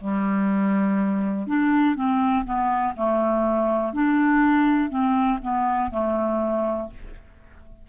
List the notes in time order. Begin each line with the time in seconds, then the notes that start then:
0.00 G3
1.47 D4
1.95 C4
2.45 B3
2.96 A3
3.93 D4
4.89 C4
5.41 B3
5.91 A3